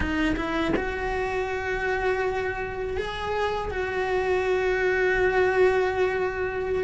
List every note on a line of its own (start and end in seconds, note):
0.00 0.35 D#4
0.36 0.73 E4
0.75 2.97 F#4
2.97 3.70 G#4
3.70 6.84 F#4